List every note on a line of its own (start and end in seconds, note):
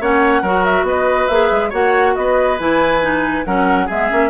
0.00 0.42 A#3
0.00 0.43 C#4
0.00 0.42 C#5
0.00 0.64 F#5
0.42 0.83 F#3
0.42 1.30 F#4
0.42 0.85 A#4
0.64 0.86 E5
0.83 1.26 B3
0.83 1.69 B4
0.83 1.28 D#5
1.28 1.51 A#3
1.28 1.71 G#4
1.28 1.71 E5
1.51 1.72 G#3
1.69 2.16 A#3
1.69 2.57 F#4
1.69 2.12 C#5
1.69 2.15 F#5
2.15 2.59 B3
2.15 3.46 B4
2.15 2.58 D#5
2.59 3.45 E3
2.59 3.01 E4
2.59 3.45 G#5
3.01 3.45 D#4
3.45 3.89 F#3
3.45 3.88 C#4
3.45 3.86 A#4
3.45 3.88 F#5
3.86 4.11 G#3
3.86 4.09 B3
3.86 4.29 G#4
3.86 4.30 E5
4.09 4.30 A#3
4.09 4.30 C#4